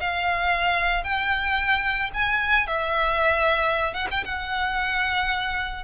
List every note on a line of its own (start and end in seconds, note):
0.00 1.04 F5
1.04 2.10 G5
2.14 2.67 G#5
2.67 3.94 E5
3.94 4.07 F#5
4.11 4.24 G5
4.24 5.84 F#5